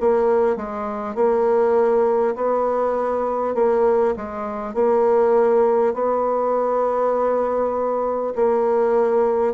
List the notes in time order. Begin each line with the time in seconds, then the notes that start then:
0.00 A#3
0.56 G#3
1.15 A#3
2.35 B3
3.54 A#3
4.16 G#3
4.74 A#3
5.93 B3
8.35 A#3